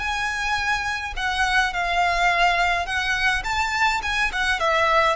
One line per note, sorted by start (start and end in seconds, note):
0.00 1.14 G#5
1.17 1.74 F#5
1.74 2.86 F5
2.86 3.43 F#5
3.44 4.02 A5
4.03 4.32 G#5
4.33 4.60 F#5
4.60 5.16 E5